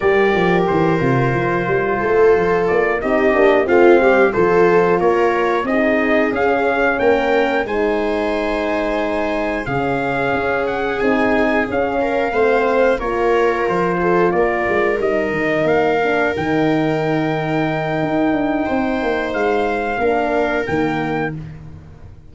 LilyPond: <<
  \new Staff \with { instrumentName = "trumpet" } { \time 4/4 \tempo 4 = 90 d''4 c''2. | d''8 dis''4 f''4 c''4 cis''8~ | cis''8 dis''4 f''4 g''4 gis''8~ | gis''2~ gis''8 f''4. |
fis''8 gis''4 f''2 cis''8~ | cis''8 c''4 d''4 dis''4 f''8~ | f''8 g''2.~ g''8~ | g''4 f''2 g''4 | }
  \new Staff \with { instrumentName = "viola" } { \time 4/4 ais'2. a'4~ | a'8 g'4 f'8 g'8 a'4 ais'8~ | ais'8 gis'2 ais'4 c''8~ | c''2~ c''8 gis'4.~ |
gis'2 ais'8 c''4 ais'8~ | ais'4 a'8 ais'2~ ais'8~ | ais'1 | c''2 ais'2 | }
  \new Staff \with { instrumentName = "horn" } { \time 4/4 g'4. f'2~ f'8~ | f'8 dis'8 d'8 c'4 f'4.~ | f'8 dis'4 cis'2 dis'8~ | dis'2~ dis'8 cis'4.~ |
cis'8 dis'4 cis'4 c'4 f'8~ | f'2~ f'8 dis'4. | d'8 dis'2.~ dis'8~ | dis'2 d'4 ais4 | }
  \new Staff \with { instrumentName = "tuba" } { \time 4/4 g8 f8 e8 c8 f8 g8 a8 f8 | ais8 c'8 ais8 a8 g8 f4 ais8~ | ais8 c'4 cis'4 ais4 gis8~ | gis2~ gis8 cis4 cis'8~ |
cis'8 c'4 cis'4 a4 ais8~ | ais8 f4 ais8 gis8 g8 dis8 ais8~ | ais8 dis2~ dis8 dis'8 d'8 | c'8 ais8 gis4 ais4 dis4 | }
>>